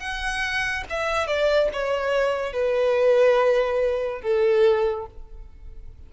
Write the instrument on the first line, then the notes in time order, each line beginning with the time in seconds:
violin
0.00 F#5
0.90 E5
1.28 D5
1.73 C#5
2.53 B4
4.22 A4